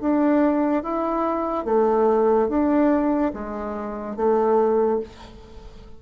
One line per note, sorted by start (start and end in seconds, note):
0.00 0.83 D4
0.83 1.65 E4
1.65 2.48 A3
2.48 3.32 D4
3.33 4.16 G#3
4.16 5.00 A3